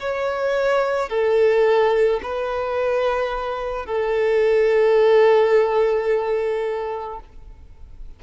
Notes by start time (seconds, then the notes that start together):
0.00 C#5
1.10 A4
2.23 B4
3.86 A4